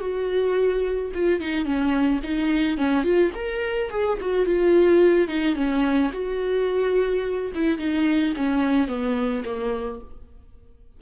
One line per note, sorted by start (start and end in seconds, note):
0.00 1.11 F#4
1.14 1.40 F4
1.40 1.65 D#4
1.65 2.20 C#4
2.23 2.77 D#4
2.77 3.03 C#4
3.03 3.31 F4
3.34 3.90 A#4
3.90 4.18 G#4
4.21 4.46 F#4
4.46 5.28 F4
5.28 5.55 D#4
5.55 6.11 C#4
6.13 7.52 F#4
7.55 7.78 E4
7.78 8.34 D#4
8.36 8.88 C#4
8.88 9.43 B3
9.44 10.00 A#3